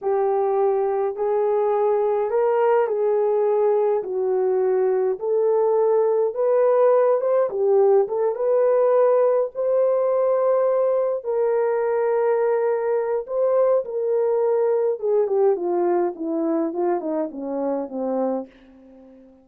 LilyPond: \new Staff \with { instrumentName = "horn" } { \time 4/4 \tempo 4 = 104 g'2 gis'2 | ais'4 gis'2 fis'4~ | fis'4 a'2 b'4~ | b'8 c''8 g'4 a'8 b'4.~ |
b'8 c''2. ais'8~ | ais'2. c''4 | ais'2 gis'8 g'8 f'4 | e'4 f'8 dis'8 cis'4 c'4 | }